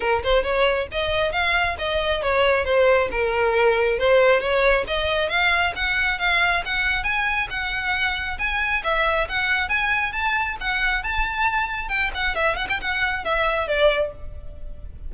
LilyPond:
\new Staff \with { instrumentName = "violin" } { \time 4/4 \tempo 4 = 136 ais'8 c''8 cis''4 dis''4 f''4 | dis''4 cis''4 c''4 ais'4~ | ais'4 c''4 cis''4 dis''4 | f''4 fis''4 f''4 fis''4 |
gis''4 fis''2 gis''4 | e''4 fis''4 gis''4 a''4 | fis''4 a''2 g''8 fis''8 | e''8 fis''16 g''16 fis''4 e''4 d''4 | }